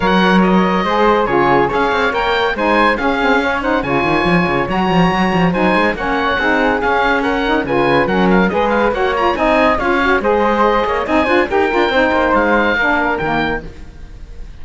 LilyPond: <<
  \new Staff \with { instrumentName = "oboe" } { \time 4/4 \tempo 4 = 141 fis''4 dis''2 cis''4 | f''4 g''4 gis''4 f''4~ | f''8 fis''8 gis''2 ais''4~ | ais''4 gis''4 fis''2 |
f''4 fis''4 gis''4 fis''8 f''8 | dis''8 f''8 fis''8 ais''8 gis''4 f''4 | dis''2 gis''4 g''4~ | g''4 f''2 g''4 | }
  \new Staff \with { instrumentName = "flute" } { \time 4/4 cis''2 c''4 gis'4 | cis''2 c''4 gis'4 | cis''8 c''8 cis''2.~ | cis''4 c''4 cis''4 gis'4~ |
gis'4 ais'4 b'4 ais'4 | b'4 cis''4 dis''4 cis''4 | c''4. cis''8 dis''8 c''8 ais'4 | c''2 ais'2 | }
  \new Staff \with { instrumentName = "saxophone" } { \time 4/4 ais'2 gis'4 f'4 | gis'4 ais'4 dis'4 cis'8 c'8 | cis'8 dis'8 f'2 fis'4~ | fis'4 dis'4 cis'4 dis'4 |
cis'4. dis'8 f'4 cis'4 | gis'4 fis'8 f'8 dis'4 f'8 fis'8 | gis'2 dis'8 f'8 g'8 f'8 | dis'2 d'4 ais4 | }
  \new Staff \with { instrumentName = "cello" } { \time 4/4 fis2 gis4 cis4 | cis'8 c'8 ais4 gis4 cis'4~ | cis'4 cis8 dis8 f8 cis8 fis8 f8 | fis8 f8 fis8 gis8 ais4 c'4 |
cis'2 cis4 fis4 | gis4 ais4 c'4 cis'4 | gis4. ais8 c'8 d'8 dis'8 d'8 | c'8 ais8 gis4 ais4 dis4 | }
>>